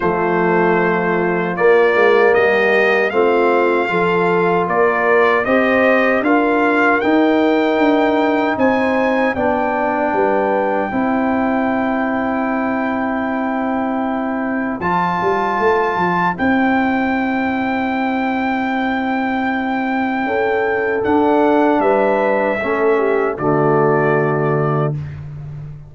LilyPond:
<<
  \new Staff \with { instrumentName = "trumpet" } { \time 4/4 \tempo 4 = 77 c''2 d''4 dis''4 | f''2 d''4 dis''4 | f''4 g''2 gis''4 | g''1~ |
g''2. a''4~ | a''4 g''2.~ | g''2. fis''4 | e''2 d''2 | }
  \new Staff \with { instrumentName = "horn" } { \time 4/4 f'2. g'4 | f'4 a'4 ais'4 c''4 | ais'2. c''4 | d''4 b'4 c''2~ |
c''1~ | c''1~ | c''2 a'2 | b'4 a'8 g'8 fis'2 | }
  \new Staff \with { instrumentName = "trombone" } { \time 4/4 a2 ais2 | c'4 f'2 g'4 | f'4 dis'2. | d'2 e'2~ |
e'2. f'4~ | f'4 e'2.~ | e'2. d'4~ | d'4 cis'4 a2 | }
  \new Staff \with { instrumentName = "tuba" } { \time 4/4 f2 ais8 gis8 g4 | a4 f4 ais4 c'4 | d'4 dis'4 d'4 c'4 | b4 g4 c'2~ |
c'2. f8 g8 | a8 f8 c'2.~ | c'2 cis'4 d'4 | g4 a4 d2 | }
>>